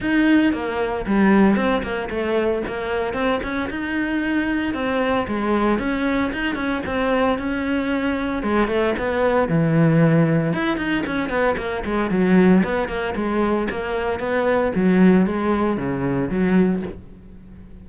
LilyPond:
\new Staff \with { instrumentName = "cello" } { \time 4/4 \tempo 4 = 114 dis'4 ais4 g4 c'8 ais8 | a4 ais4 c'8 cis'8 dis'4~ | dis'4 c'4 gis4 cis'4 | dis'8 cis'8 c'4 cis'2 |
gis8 a8 b4 e2 | e'8 dis'8 cis'8 b8 ais8 gis8 fis4 | b8 ais8 gis4 ais4 b4 | fis4 gis4 cis4 fis4 | }